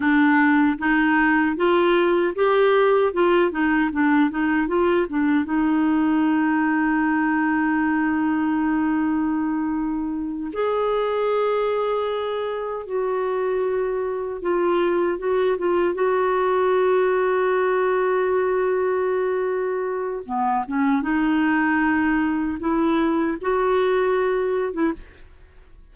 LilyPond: \new Staff \with { instrumentName = "clarinet" } { \time 4/4 \tempo 4 = 77 d'4 dis'4 f'4 g'4 | f'8 dis'8 d'8 dis'8 f'8 d'8 dis'4~ | dis'1~ | dis'4. gis'2~ gis'8~ |
gis'8 fis'2 f'4 fis'8 | f'8 fis'2.~ fis'8~ | fis'2 b8 cis'8 dis'4~ | dis'4 e'4 fis'4.~ fis'16 e'16 | }